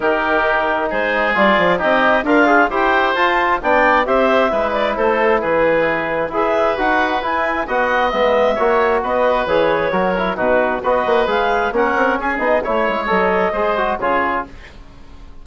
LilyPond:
<<
  \new Staff \with { instrumentName = "clarinet" } { \time 4/4 \tempo 4 = 133 ais'2 c''4 d''4 | dis''4 f''4 g''4 a''4 | g''4 e''4. d''8 c''4 | b'2 e''4 fis''4 |
gis''4 fis''4 e''2 | dis''4 cis''2 b'4 | dis''4 f''4 fis''4 gis''8 dis''8 | cis''4 dis''2 cis''4 | }
  \new Staff \with { instrumentName = "oboe" } { \time 4/4 g'2 gis'2 | g'4 f'4 c''2 | d''4 c''4 b'4 a'4 | gis'2 b'2~ |
b'4 dis''2 cis''4 | b'2 ais'4 fis'4 | b'2 ais'4 gis'4 | cis''2 c''4 gis'4 | }
  \new Staff \with { instrumentName = "trombone" } { \time 4/4 dis'2. f'4 | dis'4 ais'8 gis'8 g'4 f'4 | d'4 g'4 e'2~ | e'2 gis'4 fis'4 |
e'4 fis'4 b4 fis'4~ | fis'4 gis'4 fis'8 e'8 dis'4 | fis'4 gis'4 cis'4. dis'8 | e'4 a'4 gis'8 fis'8 f'4 | }
  \new Staff \with { instrumentName = "bassoon" } { \time 4/4 dis2 gis4 g8 f8 | c'4 d'4 e'4 f'4 | b4 c'4 gis4 a4 | e2 e'4 dis'4 |
e'4 b4 gis4 ais4 | b4 e4 fis4 b,4 | b8 ais8 gis4 ais8 c'8 cis'8 b8 | a8 gis8 fis4 gis4 cis4 | }
>>